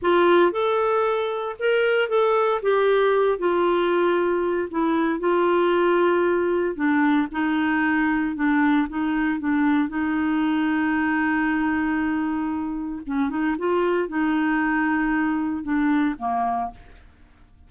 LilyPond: \new Staff \with { instrumentName = "clarinet" } { \time 4/4 \tempo 4 = 115 f'4 a'2 ais'4 | a'4 g'4. f'4.~ | f'4 e'4 f'2~ | f'4 d'4 dis'2 |
d'4 dis'4 d'4 dis'4~ | dis'1~ | dis'4 cis'8 dis'8 f'4 dis'4~ | dis'2 d'4 ais4 | }